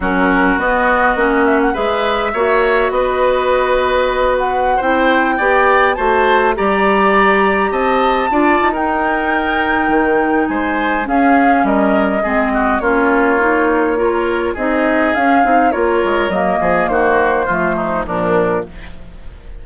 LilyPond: <<
  \new Staff \with { instrumentName = "flute" } { \time 4/4 \tempo 4 = 103 ais'4 dis''4. e''16 fis''16 e''4~ | e''4 dis''2~ dis''8 fis''8~ | fis''16 g''2 a''4 ais''8.~ | ais''4~ ais''16 a''4.~ a''16 g''4~ |
g''2 gis''4 f''4 | dis''2 cis''2~ | cis''4 dis''4 f''4 cis''4 | dis''4 c''2 ais'4 | }
  \new Staff \with { instrumentName = "oboe" } { \time 4/4 fis'2. b'4 | cis''4 b'2.~ | b'16 c''4 d''4 c''4 d''8.~ | d''4~ d''16 dis''4 d''8. ais'4~ |
ais'2 c''4 gis'4 | ais'4 gis'8 fis'8 f'2 | ais'4 gis'2 ais'4~ | ais'8 gis'8 fis'4 f'8 dis'8 d'4 | }
  \new Staff \with { instrumentName = "clarinet" } { \time 4/4 cis'4 b4 cis'4 gis'4 | fis'1~ | fis'16 e'4 g'4 fis'4 g'8.~ | g'2~ g'16 f'8. dis'4~ |
dis'2. cis'4~ | cis'4 c'4 cis'4 dis'4 | f'4 dis'4 cis'8 dis'8 f'4 | ais2 a4 f4 | }
  \new Staff \with { instrumentName = "bassoon" } { \time 4/4 fis4 b4 ais4 gis4 | ais4 b2.~ | b16 c'4 b4 a4 g8.~ | g4~ g16 c'4 d'8 dis'4~ dis'16~ |
dis'4 dis4 gis4 cis'4 | g4 gis4 ais2~ | ais4 c'4 cis'8 c'8 ais8 gis8 | fis8 f8 dis4 f4 ais,4 | }
>>